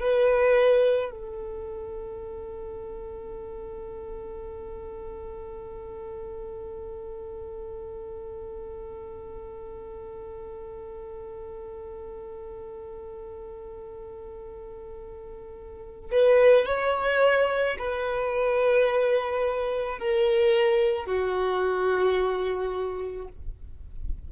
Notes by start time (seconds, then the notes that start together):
0.00 B4
1.11 A4
16.11 B4
16.65 C#5
17.78 B4
19.98 A#4
21.06 F#4